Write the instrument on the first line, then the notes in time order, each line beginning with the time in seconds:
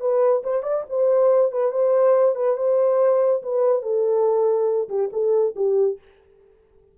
horn
0.00 B4
0.43 C5
0.63 D5
0.89 C5
1.52 B4
1.72 C5
2.36 B4
2.57 C5
3.43 B4
3.82 A4
4.89 G4
5.13 A4
5.56 G4